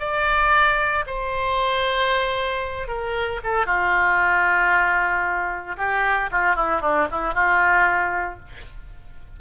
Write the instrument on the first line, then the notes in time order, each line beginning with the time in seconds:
oboe
0.00 D5
1.07 C5
2.88 A#4
3.44 A4
3.67 F4
5.78 G4
6.32 F4
6.56 E4
6.82 D4
7.12 E4
7.34 F4